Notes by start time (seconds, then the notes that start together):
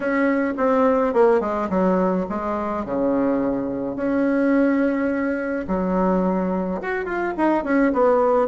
0.00 C#4
0.57 C4
1.13 A#3
1.40 G#3
1.69 F#3
2.29 G#3
2.85 C#3
3.96 C#4
5.67 F#3
6.81 F#4
7.05 F4
7.37 D#4
7.64 C#4
7.92 B3